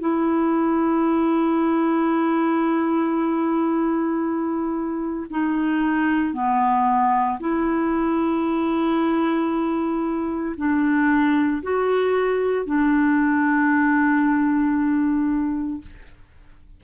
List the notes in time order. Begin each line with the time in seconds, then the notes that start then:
0.00 E4
5.30 D#4
6.33 B3
7.40 E4
10.57 D4
11.63 F#4
12.66 D4